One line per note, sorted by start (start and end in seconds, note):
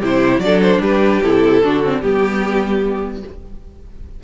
0.00 0.38 C3
0.00 0.43 E4
0.00 0.40 G4
0.00 0.40 C5
0.38 0.78 F#3
0.38 1.23 D4
0.38 0.60 D5
0.45 0.82 A4
0.62 0.82 C5
0.81 1.21 G3
0.81 1.62 G4
0.81 1.22 B4
1.22 1.63 C3
1.22 1.63 E4
1.22 2.02 A4
1.63 2.03 D3
1.63 1.83 D4
1.63 2.00 F#4
1.83 2.02 C4
2.00 3.23 G3
2.00 3.23 B3
2.00 3.21 G4
2.00 3.23 G4